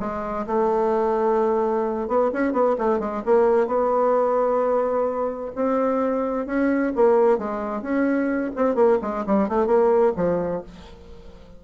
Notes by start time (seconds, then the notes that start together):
0.00 G#3
0.47 A3
2.08 B3
2.33 C#4
2.53 B3
2.79 A3
3.00 G#3
3.25 A#3
3.67 B3
5.56 C4
6.47 C#4
6.96 A#3
7.38 G#3
7.82 C#4
8.56 C4
8.75 A#3
9.02 G#3
9.26 G3
9.49 A3
9.67 A#3
10.17 F3